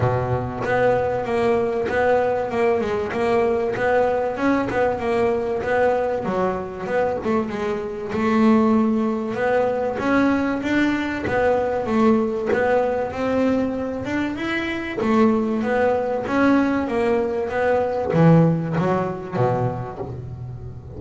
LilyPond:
\new Staff \with { instrumentName = "double bass" } { \time 4/4 \tempo 4 = 96 b,4 b4 ais4 b4 | ais8 gis8 ais4 b4 cis'8 b8 | ais4 b4 fis4 b8 a8 | gis4 a2 b4 |
cis'4 d'4 b4 a4 | b4 c'4. d'8 e'4 | a4 b4 cis'4 ais4 | b4 e4 fis4 b,4 | }